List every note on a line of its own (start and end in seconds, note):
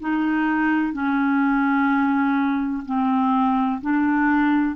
0.00 0.93 D#4
0.93 2.84 C#4
2.86 3.81 C4
3.81 4.76 D4